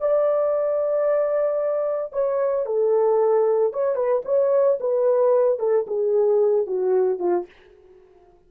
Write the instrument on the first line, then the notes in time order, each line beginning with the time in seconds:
horn
0.00 D5
2.13 C#5
2.66 A4
3.73 C#5
3.95 B4
4.25 C#5
4.80 B4
5.59 A4
5.87 G#4
6.67 F#4
7.19 F4